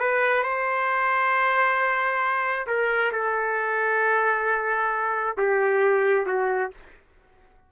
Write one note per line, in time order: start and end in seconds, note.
0.00 0.43 B4
0.43 2.67 C5
2.67 3.12 A#4
3.13 5.36 A4
5.38 6.26 G4
6.26 6.71 F#4